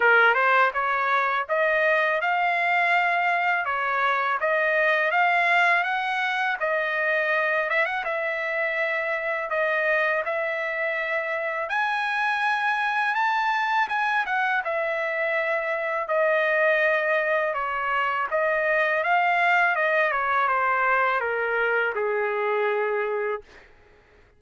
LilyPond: \new Staff \with { instrumentName = "trumpet" } { \time 4/4 \tempo 4 = 82 ais'8 c''8 cis''4 dis''4 f''4~ | f''4 cis''4 dis''4 f''4 | fis''4 dis''4. e''16 fis''16 e''4~ | e''4 dis''4 e''2 |
gis''2 a''4 gis''8 fis''8 | e''2 dis''2 | cis''4 dis''4 f''4 dis''8 cis''8 | c''4 ais'4 gis'2 | }